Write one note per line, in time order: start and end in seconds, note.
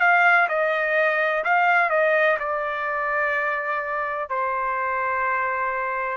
0.00 0.48 F5
0.48 1.43 D#5
1.44 1.89 F5
1.89 2.37 D#5
2.39 4.29 D5
4.29 6.17 C5